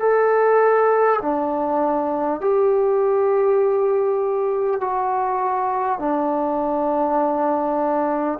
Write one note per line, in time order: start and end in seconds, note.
0.00 1.20 A4
1.22 2.41 D4
2.41 4.81 G4
4.81 5.99 F#4
5.99 8.39 D4